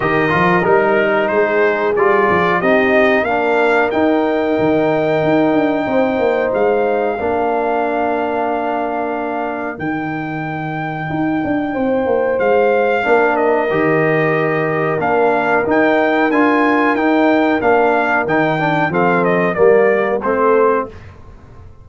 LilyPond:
<<
  \new Staff \with { instrumentName = "trumpet" } { \time 4/4 \tempo 4 = 92 dis''4 ais'4 c''4 d''4 | dis''4 f''4 g''2~ | g''2 f''2~ | f''2. g''4~ |
g''2. f''4~ | f''8 dis''2~ dis''8 f''4 | g''4 gis''4 g''4 f''4 | g''4 f''8 dis''8 d''4 c''4 | }
  \new Staff \with { instrumentName = "horn" } { \time 4/4 ais'2 gis'2 | g'4 ais'2.~ | ais'4 c''2 ais'4~ | ais'1~ |
ais'2 c''2 | ais'1~ | ais'1~ | ais'4 a'4 ais'4 a'4 | }
  \new Staff \with { instrumentName = "trombone" } { \time 4/4 g'8 f'8 dis'2 f'4 | dis'4 d'4 dis'2~ | dis'2. d'4~ | d'2. dis'4~ |
dis'1 | d'4 g'2 d'4 | dis'4 f'4 dis'4 d'4 | dis'8 d'8 c'4 ais4 c'4 | }
  \new Staff \with { instrumentName = "tuba" } { \time 4/4 dis8 f8 g4 gis4 g8 f8 | c'4 ais4 dis'4 dis4 | dis'8 d'8 c'8 ais8 gis4 ais4~ | ais2. dis4~ |
dis4 dis'8 d'8 c'8 ais8 gis4 | ais4 dis2 ais4 | dis'4 d'4 dis'4 ais4 | dis4 f4 g4 a4 | }
>>